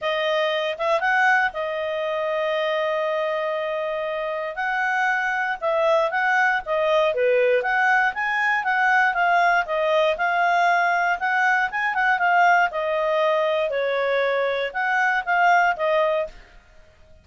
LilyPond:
\new Staff \with { instrumentName = "clarinet" } { \time 4/4 \tempo 4 = 118 dis''4. e''8 fis''4 dis''4~ | dis''1~ | dis''4 fis''2 e''4 | fis''4 dis''4 b'4 fis''4 |
gis''4 fis''4 f''4 dis''4 | f''2 fis''4 gis''8 fis''8 | f''4 dis''2 cis''4~ | cis''4 fis''4 f''4 dis''4 | }